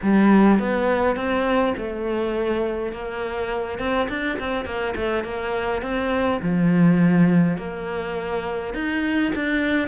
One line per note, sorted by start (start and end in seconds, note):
0.02 0.59 G3
0.59 1.15 B3
1.15 1.74 C4
1.77 2.92 A3
2.92 3.78 A#3
3.78 4.08 C4
4.09 4.38 D4
4.39 4.65 C4
4.65 4.94 A#3
4.95 5.24 A3
5.24 5.82 A#3
5.82 6.40 C4
6.42 7.57 F3
7.57 8.74 A#3
8.74 9.32 D#4
9.35 9.88 D4